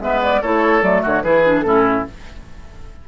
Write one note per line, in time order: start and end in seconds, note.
0.00 0.41 G#3
0.00 0.43 B3
0.00 0.42 B4
0.00 0.22 E5
0.23 0.42 D5
0.42 0.82 A3
0.42 0.82 E4
0.42 1.03 A4
0.42 0.83 C#5
0.82 1.03 F#3
0.82 1.23 A3
0.82 1.03 D5
1.03 1.24 D3
1.03 1.23 F#4
1.03 1.23 C#5
1.23 1.63 E3
1.23 1.44 E4
1.23 1.65 G#4
1.23 1.61 B4
1.44 1.65 D4
1.61 2.04 A2
1.61 2.05 C#4
1.61 2.02 A4
1.67 2.08 E4